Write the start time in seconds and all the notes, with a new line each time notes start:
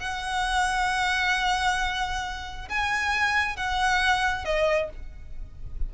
0.00 F#5
2.69 G#5
3.57 F#5
4.45 D#5